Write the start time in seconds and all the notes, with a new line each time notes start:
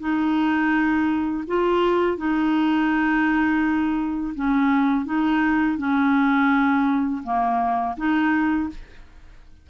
0.00 D#4
1.48 F4
2.18 D#4
4.35 C#4
5.06 D#4
5.78 C#4
7.24 A#3
7.97 D#4